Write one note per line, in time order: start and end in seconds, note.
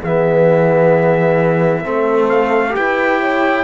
0.00 1.85 E3
0.00 1.84 B3
0.00 1.82 G#4
0.00 2.29 E5
1.84 2.76 A3
1.84 2.70 C4
1.84 2.75 A4
2.29 2.74 F5
2.70 3.61 G4
2.70 3.64 G5
2.77 3.64 E4
2.77 3.20 B4
3.20 3.64 C#5